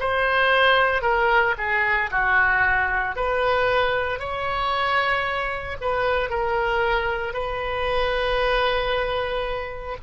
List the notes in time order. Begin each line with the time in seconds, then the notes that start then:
0.00 C5
1.02 A#4
1.58 G#4
2.11 F#4
3.16 B4
4.20 C#5
5.81 B4
6.31 A#4
7.34 B4